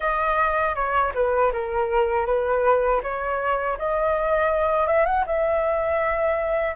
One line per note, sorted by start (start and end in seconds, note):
0.00 0.75 D#5
0.75 1.12 C#5
1.14 1.51 B4
1.52 2.26 A#4
2.26 3.01 B4
3.02 3.77 C#5
3.78 4.86 D#5
4.86 5.05 E5
5.05 5.24 F#5
5.26 6.75 E5